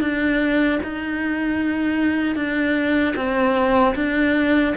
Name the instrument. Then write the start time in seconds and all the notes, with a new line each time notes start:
cello
0.00 D4
0.83 D#4
2.35 D4
3.15 C4
3.95 D4